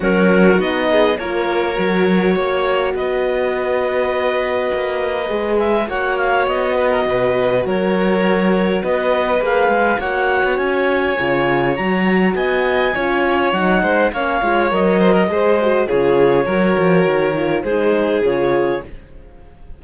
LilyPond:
<<
  \new Staff \with { instrumentName = "clarinet" } { \time 4/4 \tempo 4 = 102 ais'4 dis''4 cis''2~ | cis''4 dis''2.~ | dis''4. e''8 fis''8 f''8 dis''4~ | dis''4 cis''2 dis''4 |
f''4 fis''4 gis''2 | ais''4 gis''2 fis''4 | f''4 dis''2 cis''4~ | cis''2 c''4 cis''4 | }
  \new Staff \with { instrumentName = "violin" } { \time 4/4 fis'4. gis'8 ais'2 | cis''4 b'2.~ | b'2 cis''4. b'16 ais'16 | b'4 ais'2 b'4~ |
b'4 cis''2.~ | cis''4 dis''4 cis''4. c''8 | cis''4. c''16 ais'16 c''4 gis'4 | ais'2 gis'2 | }
  \new Staff \with { instrumentName = "horn" } { \time 4/4 cis'4 dis'4 f'4 fis'4~ | fis'1~ | fis'4 gis'4 fis'2~ | fis'1 |
gis'4 fis'2 f'4 | fis'2 f'4 dis'4 | cis'8 f'8 ais'4 gis'8 fis'8 f'4 | fis'4. f'8 dis'4 f'4 | }
  \new Staff \with { instrumentName = "cello" } { \time 4/4 fis4 b4 ais4 fis4 | ais4 b2. | ais4 gis4 ais4 b4 | b,4 fis2 b4 |
ais8 gis8 ais8. b16 cis'4 cis4 | fis4 b4 cis'4 fis8 gis8 | ais8 gis8 fis4 gis4 cis4 | fis8 f8 dis4 gis4 cis4 | }
>>